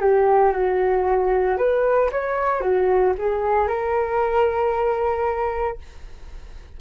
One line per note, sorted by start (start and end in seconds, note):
0.00 0.52 G4
0.52 1.57 F#4
1.57 2.10 B4
2.11 2.60 C#5
2.60 3.13 F#4
3.18 3.67 G#4
3.67 5.78 A#4